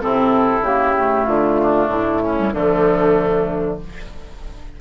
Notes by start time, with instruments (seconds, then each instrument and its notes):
0.00 bassoon C3, clarinet C4, oboe E4, flute A4
0.61 bassoon C#3, clarinet A#3, flute G4
0.97 clarinet A3
1.24 bassoon D3, flute F4
1.61 oboe D4
1.86 bassoon A2
1.93 flute E4
2.22 oboe C#4
2.37 clarinet G3
2.53 bassoon D3, clarinet F3, oboe A3, flute D4